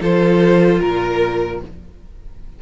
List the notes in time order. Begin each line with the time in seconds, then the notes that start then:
0.00 F3 F4 A4 C5
0.79 A#2 A#4